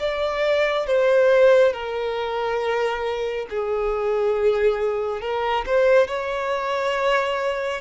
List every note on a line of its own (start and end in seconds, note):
0.00 0.87 D5
0.87 1.73 C5
1.73 3.47 A#4
3.50 5.21 G#4
5.21 5.65 A#4
5.66 6.08 C5
6.08 7.81 C#5